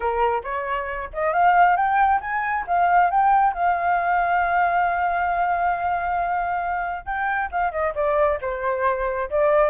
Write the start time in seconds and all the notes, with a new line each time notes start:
0.00 A#4
0.43 C#5
1.13 D#5
1.33 F5
1.76 G5
2.20 G#5
2.67 F5
3.10 G5
3.53 F5
7.05 G5
7.51 F5
7.71 D#5
7.94 D5
8.41 C5
9.30 D5